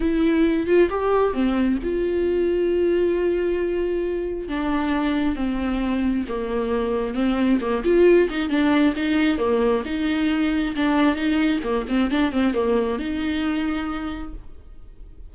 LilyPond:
\new Staff \with { instrumentName = "viola" } { \time 4/4 \tempo 4 = 134 e'4. f'8 g'4 c'4 | f'1~ | f'2 d'2 | c'2 ais2 |
c'4 ais8 f'4 dis'8 d'4 | dis'4 ais4 dis'2 | d'4 dis'4 ais8 c'8 d'8 c'8 | ais4 dis'2. | }